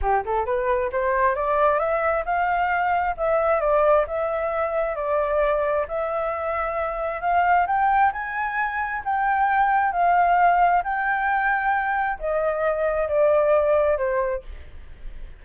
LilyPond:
\new Staff \with { instrumentName = "flute" } { \time 4/4 \tempo 4 = 133 g'8 a'8 b'4 c''4 d''4 | e''4 f''2 e''4 | d''4 e''2 d''4~ | d''4 e''2. |
f''4 g''4 gis''2 | g''2 f''2 | g''2. dis''4~ | dis''4 d''2 c''4 | }